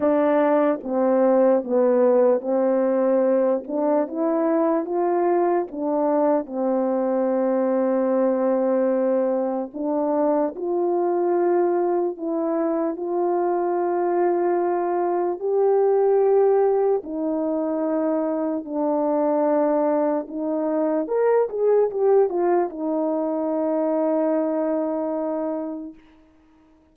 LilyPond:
\new Staff \with { instrumentName = "horn" } { \time 4/4 \tempo 4 = 74 d'4 c'4 b4 c'4~ | c'8 d'8 e'4 f'4 d'4 | c'1 | d'4 f'2 e'4 |
f'2. g'4~ | g'4 dis'2 d'4~ | d'4 dis'4 ais'8 gis'8 g'8 f'8 | dis'1 | }